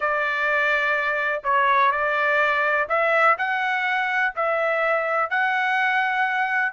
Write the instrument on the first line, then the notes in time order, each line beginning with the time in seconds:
trumpet
0.00 D5
1.43 C#5
1.91 D5
2.88 E5
3.38 F#5
4.35 E5
5.30 F#5